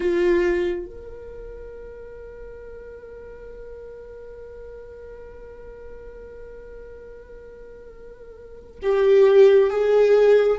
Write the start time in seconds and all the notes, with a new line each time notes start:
0.00 F4
0.85 A#4
8.82 G4
9.70 G#4